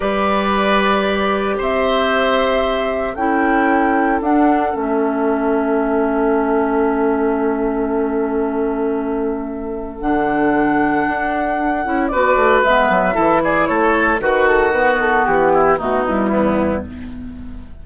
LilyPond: <<
  \new Staff \with { instrumentName = "flute" } { \time 4/4 \tempo 4 = 114 d''2. e''4~ | e''2 g''2 | fis''4 e''2.~ | e''1~ |
e''2. fis''4~ | fis''2. d''4 | e''4. d''8 cis''4 b'8 a'8 | b'8 a'8 g'4 fis'8 e'4. | }
  \new Staff \with { instrumentName = "oboe" } { \time 4/4 b'2. c''4~ | c''2 a'2~ | a'1~ | a'1~ |
a'1~ | a'2. b'4~ | b'4 a'8 gis'8 a'4 fis'4~ | fis'4. e'8 dis'4 b4 | }
  \new Staff \with { instrumentName = "clarinet" } { \time 4/4 g'1~ | g'2 e'2 | d'4 cis'2.~ | cis'1~ |
cis'2. d'4~ | d'2~ d'8 e'8 fis'4 | b4 e'2 fis'4 | b2 a8 g4. | }
  \new Staff \with { instrumentName = "bassoon" } { \time 4/4 g2. c'4~ | c'2 cis'2 | d'4 a2.~ | a1~ |
a2. d4~ | d4 d'4. cis'8 b8 a8 | gis8 fis8 e4 a4 dis4~ | dis4 e4 b,4 e,4 | }
>>